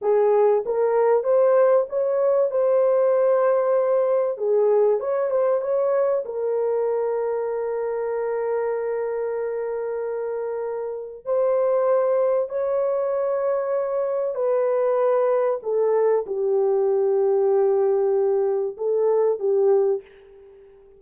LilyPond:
\new Staff \with { instrumentName = "horn" } { \time 4/4 \tempo 4 = 96 gis'4 ais'4 c''4 cis''4 | c''2. gis'4 | cis''8 c''8 cis''4 ais'2~ | ais'1~ |
ais'2 c''2 | cis''2. b'4~ | b'4 a'4 g'2~ | g'2 a'4 g'4 | }